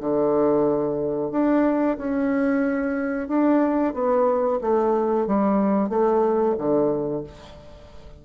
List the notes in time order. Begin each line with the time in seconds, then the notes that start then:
0.00 D3
1.31 D4
1.98 C#4
3.28 D4
3.94 B3
4.61 A3
5.27 G3
5.90 A3
6.58 D3